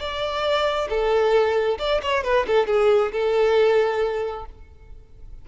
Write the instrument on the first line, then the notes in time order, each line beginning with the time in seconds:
violin
0.00 D5
0.90 A4
1.79 D5
2.03 C#5
2.24 B4
2.47 A4
2.68 G#4
3.13 A4